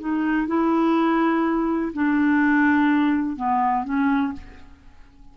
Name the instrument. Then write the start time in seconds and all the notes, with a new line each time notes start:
clarinet
0.00 D#4
0.48 E4
1.94 D4
3.37 B3
3.85 C#4